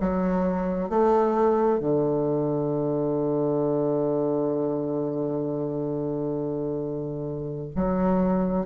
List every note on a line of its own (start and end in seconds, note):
0.00 0.89 F#3
0.89 1.79 A3
1.79 7.70 D3
7.75 8.66 F#3